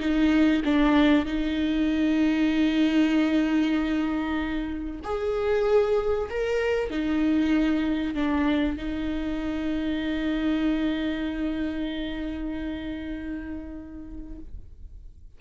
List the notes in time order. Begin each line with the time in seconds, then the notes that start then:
0.00 D#4
0.65 D4
1.25 D#4
5.04 G#4
6.30 A#4
6.90 D#4
8.15 D4
8.77 D#4